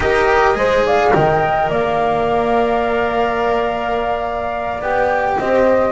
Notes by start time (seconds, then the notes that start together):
0.00 D#4 G4 A#4 D#5
0.54 G#3 G#4 C5
0.86 D5 F5
1.13 D#3 A#4 D#5 G5
1.70 A#3 D5 F5
4.81 B3 G4 G5
5.38 C4 C5 D#5